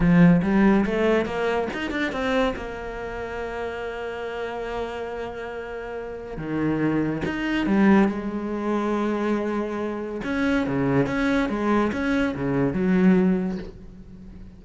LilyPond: \new Staff \with { instrumentName = "cello" } { \time 4/4 \tempo 4 = 141 f4 g4 a4 ais4 | dis'8 d'8 c'4 ais2~ | ais1~ | ais2. dis4~ |
dis4 dis'4 g4 gis4~ | gis1 | cis'4 cis4 cis'4 gis4 | cis'4 cis4 fis2 | }